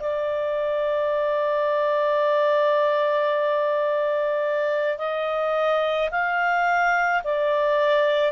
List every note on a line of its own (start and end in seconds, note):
0.00 4.98 D5
4.98 6.10 D#5
6.11 7.22 F5
7.24 8.32 D5